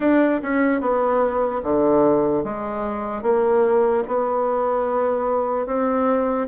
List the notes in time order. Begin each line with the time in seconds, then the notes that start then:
0.00 D4
0.42 C#4
0.80 B3
1.63 D3
2.44 G#3
3.22 A#3
4.07 B3
5.66 C4